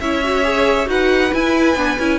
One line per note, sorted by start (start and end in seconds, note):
0.00 0.87 C#4
0.00 0.23 E4
0.00 0.89 C#5
0.00 0.88 E5
0.24 0.43 F#4
0.43 0.86 G#4
0.86 1.31 D#4
0.86 1.29 F#4
0.86 2.18 B4
0.86 1.33 F#5
1.32 1.76 E4
1.32 1.75 E4
1.32 2.18 G#5
1.75 1.97 B3
1.75 1.98 D4
1.99 2.18 C#4
1.99 2.18 E4